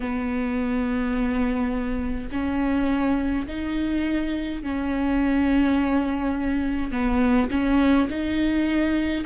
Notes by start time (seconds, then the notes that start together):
0.00 B3
2.31 C#4
3.47 D#4
4.63 C#4
6.91 B3
7.50 C#4
8.09 D#4